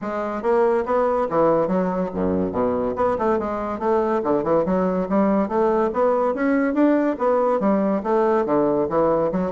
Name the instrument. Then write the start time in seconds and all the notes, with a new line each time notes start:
bassoon
0.01 G#3
0.42 A#3
0.85 B3
1.29 E3
1.67 F#3
2.14 F#2
2.52 B2
2.96 B3
3.18 A3
3.38 G#3
3.79 A3
4.23 D3
4.43 E3
4.65 F#3
5.09 G3
5.48 A3
5.93 B3
6.34 C#4
6.74 D4
7.18 B3
7.60 G3
8.03 A3
8.45 D3
8.89 E3
9.31 F#3